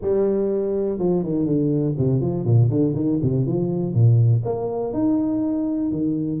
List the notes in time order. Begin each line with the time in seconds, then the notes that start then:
0.01 G3
0.98 F3
1.23 D#3
1.46 D3
1.98 C3
2.21 F3
2.45 A#2
2.70 D3
2.95 D#3
3.22 C3
3.46 F3
3.93 A#2
4.44 A#3
4.93 D#4
5.91 D#3